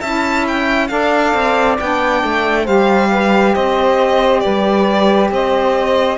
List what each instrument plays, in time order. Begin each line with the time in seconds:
0.00 cello C#4, saxophone E4 E5, violin A5
0.47 violin G5
0.87 cello D4, saxophone A4 D5, violin F5
1.33 cello C4
1.79 cello B3, saxophone D4, violin G5
2.23 cello A3
2.64 cello G3, saxophone G4 C5, violin F5
3.11 saxophone B4
3.54 cello C4, saxophone C5, violin D#5
4.40 cello G3, saxophone B4, violin D5
5.31 cello C4, saxophone C5, violin D#5